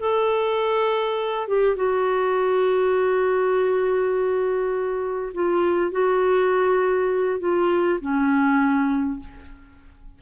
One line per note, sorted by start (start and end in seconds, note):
0.00 1.48 A4
1.48 1.76 G4
1.76 5.33 F#4
5.34 5.92 F4
5.92 7.40 F#4
7.40 7.99 F4
8.01 9.20 C#4